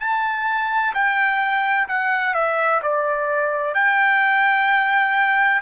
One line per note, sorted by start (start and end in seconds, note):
0.00 0.94 A5
0.95 1.88 G5
1.88 2.34 F#5
2.34 2.81 E5
2.83 3.75 D5
3.75 5.62 G5